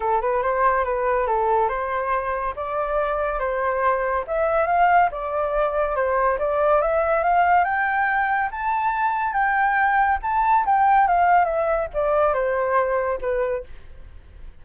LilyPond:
\new Staff \with { instrumentName = "flute" } { \time 4/4 \tempo 4 = 141 a'8 b'8 c''4 b'4 a'4 | c''2 d''2 | c''2 e''4 f''4 | d''2 c''4 d''4 |
e''4 f''4 g''2 | a''2 g''2 | a''4 g''4 f''4 e''4 | d''4 c''2 b'4 | }